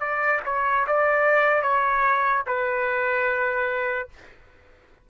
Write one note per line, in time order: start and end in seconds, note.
0.00 0.41 D5
0.45 0.86 C#5
0.87 1.62 D5
1.62 2.43 C#5
2.47 4.09 B4